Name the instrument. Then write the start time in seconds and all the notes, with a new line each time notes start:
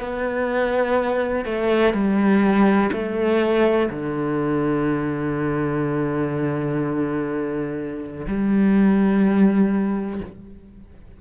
cello
0.00 B3
1.45 A3
1.94 G3
2.93 A3
3.90 D3
8.27 G3